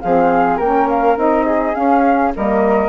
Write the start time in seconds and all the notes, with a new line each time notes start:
0.00 F3 C4 G#4 F5
0.57 A#3 C#4 A#4 G5
0.89 F5
1.17 C4 D#4 D#5
1.45 G#4
1.73 C#4 F5
2.34 G3 A#3 A#4 D#5